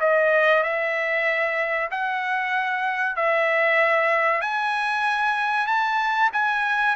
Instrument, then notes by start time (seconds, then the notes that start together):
trumpet
0.00 D#5
0.63 E5
1.91 F#5
3.16 E5
4.41 G#5
5.67 A5
6.33 G#5